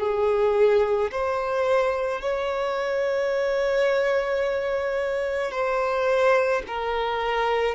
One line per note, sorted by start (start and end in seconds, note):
0.00 1.11 G#4
1.12 2.22 C5
2.22 5.52 C#5
5.52 6.63 C5
6.68 7.75 A#4